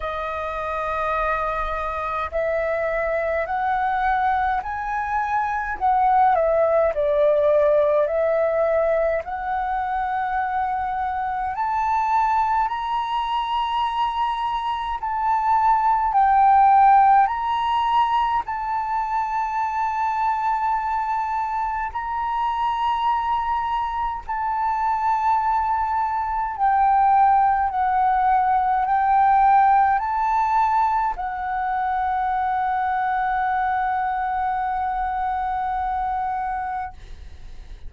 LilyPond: \new Staff \with { instrumentName = "flute" } { \time 4/4 \tempo 4 = 52 dis''2 e''4 fis''4 | gis''4 fis''8 e''8 d''4 e''4 | fis''2 a''4 ais''4~ | ais''4 a''4 g''4 ais''4 |
a''2. ais''4~ | ais''4 a''2 g''4 | fis''4 g''4 a''4 fis''4~ | fis''1 | }